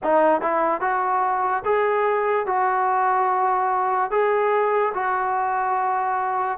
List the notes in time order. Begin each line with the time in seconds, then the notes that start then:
0.03 D#4
0.41 E4
0.80 F#4
1.64 G#4
2.46 F#4
4.10 G#4
4.94 F#4